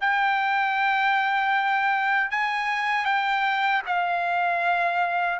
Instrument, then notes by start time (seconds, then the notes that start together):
trumpet
0.00 G5
2.30 G#5
3.05 G5
3.86 F5